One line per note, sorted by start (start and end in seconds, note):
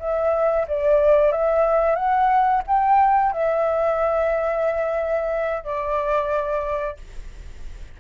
0.00 0.67 E5
0.68 1.32 D5
1.32 1.96 E5
1.96 2.62 F#5
2.68 3.33 G5
3.33 5.64 E5
5.64 6.97 D5